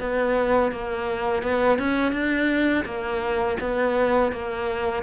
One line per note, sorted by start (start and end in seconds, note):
0.00 0.72 B3
0.72 1.43 A#3
1.43 1.79 B3
1.79 2.13 C#4
2.13 2.85 D4
2.85 3.58 A#3
3.60 4.32 B3
4.32 5.03 A#3